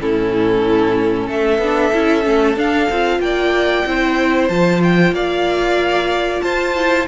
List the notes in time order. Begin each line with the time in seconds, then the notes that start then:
0.00 A2 C#4 E4 A4
1.26 A3 A4 E5
1.59 B3 D4
1.93 C#4 E4
2.23 A3 C#4
2.56 D4 F5
2.90 C4 F4
3.20 A#3 D5 G5
3.86 C4 E4 C5
4.49 F3 F4 A5
4.84 G5
5.13 A#3 D5 F5
6.42 F4 C5 A5
6.76 E4